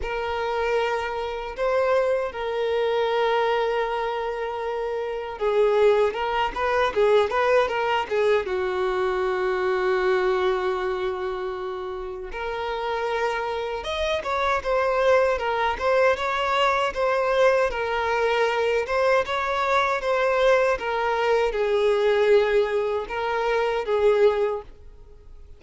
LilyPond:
\new Staff \with { instrumentName = "violin" } { \time 4/4 \tempo 4 = 78 ais'2 c''4 ais'4~ | ais'2. gis'4 | ais'8 b'8 gis'8 b'8 ais'8 gis'8 fis'4~ | fis'1 |
ais'2 dis''8 cis''8 c''4 | ais'8 c''8 cis''4 c''4 ais'4~ | ais'8 c''8 cis''4 c''4 ais'4 | gis'2 ais'4 gis'4 | }